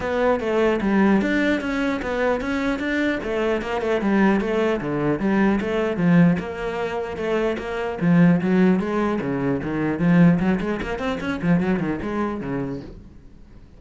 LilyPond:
\new Staff \with { instrumentName = "cello" } { \time 4/4 \tempo 4 = 150 b4 a4 g4 d'4 | cis'4 b4 cis'4 d'4 | a4 ais8 a8 g4 a4 | d4 g4 a4 f4 |
ais2 a4 ais4 | f4 fis4 gis4 cis4 | dis4 f4 fis8 gis8 ais8 c'8 | cis'8 f8 fis8 dis8 gis4 cis4 | }